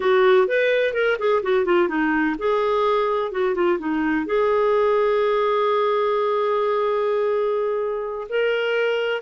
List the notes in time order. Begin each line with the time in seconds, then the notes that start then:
0.00 F#4
0.47 B4
0.93 A#4
1.18 G#4
1.42 F#4
1.65 F4
1.88 D#4
2.38 G#4
3.31 F#4
3.55 F4
3.78 D#4
4.25 G#4
8.29 A#4